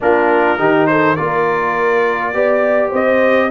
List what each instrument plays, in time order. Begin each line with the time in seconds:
0.00 tuba A#3, trombone D4, horn F4, trumpet A#4
0.58 tuba D#3, trombone D#4, horn G4
0.87 horn A4, trumpet C5
1.15 tuba A#3, trombone F4, horn A#4, trumpet D5
2.33 tuba B3, trombone G4, horn D5
2.89 tuba C4, horn C5, trumpet D#5